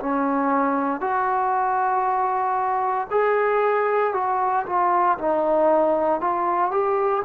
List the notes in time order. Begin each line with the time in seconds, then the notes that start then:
0.00 C#4
1.01 F#4
3.10 G#4
4.14 F#4
4.66 F4
5.18 D#4
6.21 F4
6.71 G4